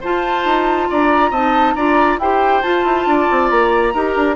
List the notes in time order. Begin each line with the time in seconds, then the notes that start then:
0.00 F4 C5 A5
0.45 D#4
0.90 D4 D5 A#5
1.30 C4 D#4 D#5 A5
1.74 D4 F4 D5 A#5
2.18 E4 G4 C5 G5
2.62 F4 A5
2.83 E4
3.06 D4 D5
3.31 C4
3.50 A#3 A#5
3.93 D#4 G4 A#4
4.16 D4